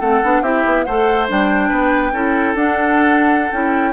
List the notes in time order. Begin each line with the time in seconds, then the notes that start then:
0.00 A3 C4 A4 F#5
0.24 B3 D4
0.42 C4 E4 G4 E5
0.65 B3
0.84 A3 A4 C5 F#5
1.28 G3 D4 G5
1.69 B3 B4
2.12 C#4 E4 A4
2.55 D4 F#5
3.52 C#4 E4 G5